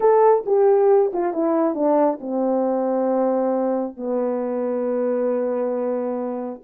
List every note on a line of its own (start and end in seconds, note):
0.00 0.44 A4
0.46 1.12 G4
1.13 1.33 F4
1.33 1.74 E4
1.74 2.18 D4
2.20 3.96 C4
3.97 6.61 B3